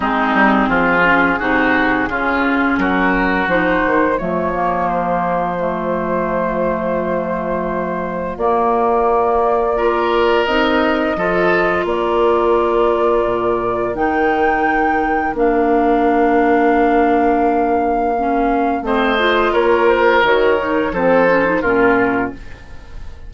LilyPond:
<<
  \new Staff \with { instrumentName = "flute" } { \time 4/4 \tempo 4 = 86 gis'1 | ais'4 c''4 cis''4 c''4~ | c''1 | d''2. dis''4~ |
dis''4 d''2. | g''2 f''2~ | f''2. dis''4 | cis''8 c''8 cis''4 c''4 ais'4 | }
  \new Staff \with { instrumentName = "oboe" } { \time 4/4 dis'4 f'4 fis'4 f'4 | fis'2 f'2~ | f'1~ | f'2 ais'2 |
a'4 ais'2.~ | ais'1~ | ais'2. c''4 | ais'2 a'4 f'4 | }
  \new Staff \with { instrumentName = "clarinet" } { \time 4/4 c'4. cis'8 dis'4 cis'4~ | cis'4 dis'4 a8 ais4. | a1 | ais2 f'4 dis'4 |
f'1 | dis'2 d'2~ | d'2 cis'4 c'8 f'8~ | f'4 fis'8 dis'8 c'8 cis'16 dis'16 cis'4 | }
  \new Staff \with { instrumentName = "bassoon" } { \time 4/4 gis8 g8 f4 c4 cis4 | fis4 f8 dis8 f2~ | f1 | ais2. c'4 |
f4 ais2 ais,4 | dis2 ais2~ | ais2. a4 | ais4 dis4 f4 ais,4 | }
>>